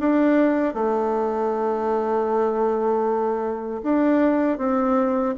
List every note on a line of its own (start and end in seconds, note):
0.00 0.74 D4
0.74 3.82 A3
3.83 4.58 D4
4.58 5.35 C4